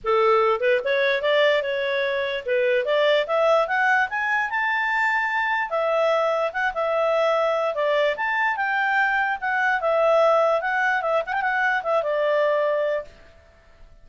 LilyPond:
\new Staff \with { instrumentName = "clarinet" } { \time 4/4 \tempo 4 = 147 a'4. b'8 cis''4 d''4 | cis''2 b'4 d''4 | e''4 fis''4 gis''4 a''4~ | a''2 e''2 |
fis''8 e''2~ e''8 d''4 | a''4 g''2 fis''4 | e''2 fis''4 e''8 fis''16 g''16 | fis''4 e''8 d''2~ d''8 | }